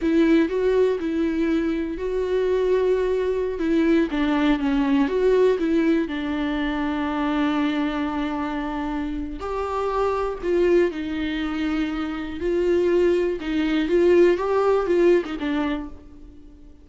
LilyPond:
\new Staff \with { instrumentName = "viola" } { \time 4/4 \tempo 4 = 121 e'4 fis'4 e'2 | fis'2.~ fis'16 e'8.~ | e'16 d'4 cis'4 fis'4 e'8.~ | e'16 d'2.~ d'8.~ |
d'2. g'4~ | g'4 f'4 dis'2~ | dis'4 f'2 dis'4 | f'4 g'4 f'8. dis'16 d'4 | }